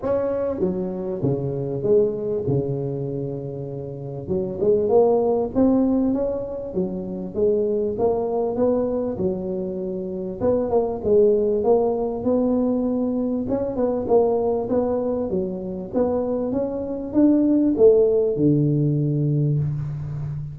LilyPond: \new Staff \with { instrumentName = "tuba" } { \time 4/4 \tempo 4 = 98 cis'4 fis4 cis4 gis4 | cis2. fis8 gis8 | ais4 c'4 cis'4 fis4 | gis4 ais4 b4 fis4~ |
fis4 b8 ais8 gis4 ais4 | b2 cis'8 b8 ais4 | b4 fis4 b4 cis'4 | d'4 a4 d2 | }